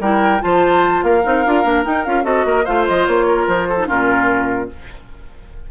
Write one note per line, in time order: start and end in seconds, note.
0.00 0.41 G3
0.00 0.40 E4
0.00 0.42 A#4
0.00 0.42 G5
0.40 1.03 F3
0.40 1.21 F4
0.40 1.05 C5
0.40 1.03 A5
1.03 1.23 A#3
1.03 2.24 A#4
1.03 1.85 F5
1.24 1.46 C4
1.24 1.44 D#4
1.45 1.64 D4
1.45 1.64 F4
1.64 1.85 A#3
1.64 1.83 D4
1.83 2.04 D#4
1.83 2.06 D#4
1.83 2.04 G5
2.04 2.25 C#4
2.04 2.23 F4
2.04 2.24 F5
2.23 2.45 C4
2.23 2.64 F#4
2.23 2.45 A4
2.23 2.65 D#5
2.45 2.65 A#3
2.45 2.64 A#4
2.64 2.89 A3
2.64 3.78 F4
2.64 3.26 C5
2.64 2.86 F5
2.87 3.07 F3
2.87 3.06 D#5
3.06 3.47 A#3
3.06 3.47 C#5
3.27 3.68 A#4
3.47 3.88 F3
3.47 3.88 C5
3.69 3.87 A4
3.78 3.87 D#4
3.87 4.71 A#2
3.87 4.68 C#4
3.87 4.69 F4
3.87 4.70 A#4